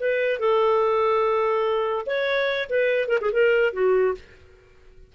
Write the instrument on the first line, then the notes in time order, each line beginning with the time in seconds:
clarinet
0.00 B4
0.40 A4
2.07 C#5
2.70 B4
3.09 A#4
3.21 G#4
3.33 A#4
3.73 F#4